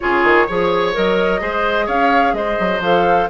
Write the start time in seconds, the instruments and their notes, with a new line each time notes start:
0.00 bassoon C#3, clarinet F4, oboe G#4, flute C#5
0.24 bassoon D#3
0.46 bassoon F3, clarinet G#4, oboe C#5
0.93 bassoon F#3, clarinet A#4, flute D#5
1.39 bassoon G#3, clarinet G#4, oboe C5
1.86 bassoon C#4, oboe C#5, flute F5
2.33 bassoon G#3, oboe C5, flute D#5
2.59 bassoon F#3
2.79 bassoon F3, clarinet A4, flute F5